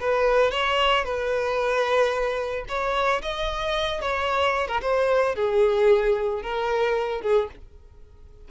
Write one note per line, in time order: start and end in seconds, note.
0.00 0.51 B4
0.51 1.04 C#5
1.04 2.65 B4
2.68 3.22 C#5
3.22 4.01 D#5
4.01 4.68 C#5
4.68 4.81 A#4
4.82 5.35 C5
5.35 6.43 G#4
6.43 7.22 A#4
7.22 7.48 G#4